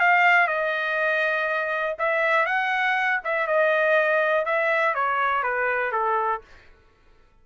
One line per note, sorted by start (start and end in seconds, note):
0.00 0.48 F5
0.48 1.97 D#5
1.99 2.46 E5
2.46 3.21 F#5
3.25 3.47 E5
3.47 4.46 D#5
4.46 4.95 E5
4.95 5.43 C#5
5.43 5.92 B4
5.92 6.41 A4